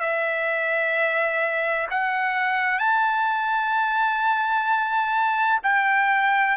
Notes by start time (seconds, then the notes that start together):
0.00 E5
1.90 F#5
2.79 A5
5.64 G5